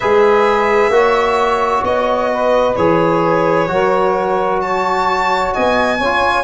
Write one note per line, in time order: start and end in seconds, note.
0.00 0.89 G#3
0.00 0.91 G#4
0.00 0.92 B4
0.00 1.83 E5
0.89 1.81 A#3
0.89 2.76 F#4
0.89 2.32 C#5
1.83 2.75 B3
1.83 2.76 D#5
2.32 3.70 B4
2.76 3.68 E3
2.76 3.68 G#4
2.76 4.60 C#5
3.68 5.52 F#3
3.68 5.98 F#4
3.68 4.62 A#4
4.61 5.53 C#5
4.61 5.53 A5
5.53 5.99 B3
5.53 5.97 D#5
5.53 6.44 G#5
5.97 6.44 C#4
5.97 6.43 C#5
6.03 6.44 F4